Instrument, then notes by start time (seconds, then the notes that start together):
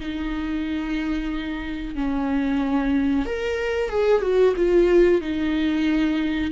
viola
0.00 D#4
1.95 C#4
3.26 A#4
3.90 G#4
4.22 F#4
4.57 F4
5.21 D#4